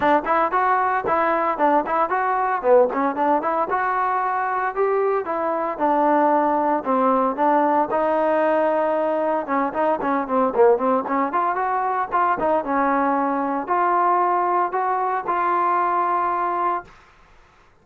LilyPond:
\new Staff \with { instrumentName = "trombone" } { \time 4/4 \tempo 4 = 114 d'8 e'8 fis'4 e'4 d'8 e'8 | fis'4 b8 cis'8 d'8 e'8 fis'4~ | fis'4 g'4 e'4 d'4~ | d'4 c'4 d'4 dis'4~ |
dis'2 cis'8 dis'8 cis'8 c'8 | ais8 c'8 cis'8 f'8 fis'4 f'8 dis'8 | cis'2 f'2 | fis'4 f'2. | }